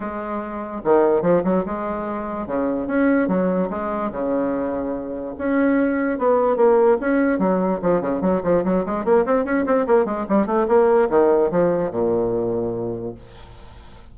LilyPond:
\new Staff \with { instrumentName = "bassoon" } { \time 4/4 \tempo 4 = 146 gis2 dis4 f8 fis8 | gis2 cis4 cis'4 | fis4 gis4 cis2~ | cis4 cis'2 b4 |
ais4 cis'4 fis4 f8 cis8 | fis8 f8 fis8 gis8 ais8 c'8 cis'8 c'8 | ais8 gis8 g8 a8 ais4 dis4 | f4 ais,2. | }